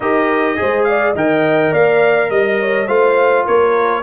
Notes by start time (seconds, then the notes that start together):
0.00 D#4 G4 A#4 D#5
0.56 G#3 G#4 C5
0.84 D5 F5
1.13 D#3 A#4 D#5 G5
1.71 A#3 D5 F5
2.29 G3 D#5
2.59 C#5
2.87 A3 F4 C5 F5
3.44 A#3 A#4 C#5